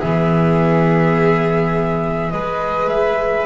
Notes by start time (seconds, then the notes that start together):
0.00 E3 B3 G#4 E5
2.31 G#3 G#4 B4 D#5
2.88 E5